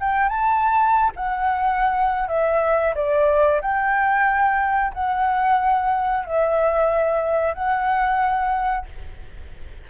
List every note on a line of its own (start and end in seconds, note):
0.00 0.29 G5
0.29 1.12 A5
1.16 2.28 F#5
2.28 2.94 E5
2.95 3.61 D5
3.61 4.93 G5
4.94 6.25 F#5
6.25 7.54 E5
7.54 8.86 F#5